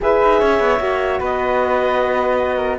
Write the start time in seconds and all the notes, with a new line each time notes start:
0.00 E4 G#4 B4 E5
0.22 D#4
0.39 C#4 C#5
0.59 B3
0.79 A#3 F#4
1.19 B3 B4 D#5
2.56 A#4